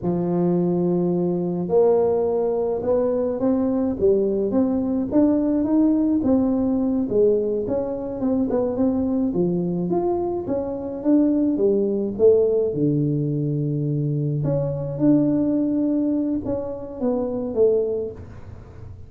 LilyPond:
\new Staff \with { instrumentName = "tuba" } { \time 4/4 \tempo 4 = 106 f2. ais4~ | ais4 b4 c'4 g4 | c'4 d'4 dis'4 c'4~ | c'8 gis4 cis'4 c'8 b8 c'8~ |
c'8 f4 f'4 cis'4 d'8~ | d'8 g4 a4 d4.~ | d4. cis'4 d'4.~ | d'4 cis'4 b4 a4 | }